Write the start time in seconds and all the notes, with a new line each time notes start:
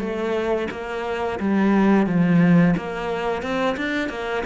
0.00 A3
0.71 A#3
1.40 G3
2.07 F3
2.77 A#3
3.43 C4
3.77 D4
4.09 A#3